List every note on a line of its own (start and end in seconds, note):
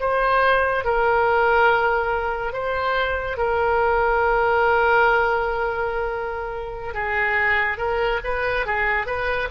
0.00 0.85 C5
0.85 2.53 A#4
2.53 3.38 C5
3.38 6.94 A#4
6.94 7.78 G#4
7.78 8.20 A#4
8.24 8.66 B4
8.66 9.07 G#4
9.07 9.49 B4